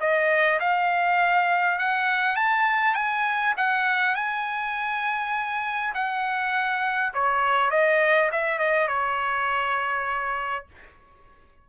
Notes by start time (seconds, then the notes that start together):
0.00 D#5
0.60 F5
1.78 F#5
2.35 A5
2.94 G#5
3.57 F#5
4.15 G#5
5.94 F#5
7.14 C#5
7.71 D#5
8.32 E5
8.58 D#5
8.88 C#5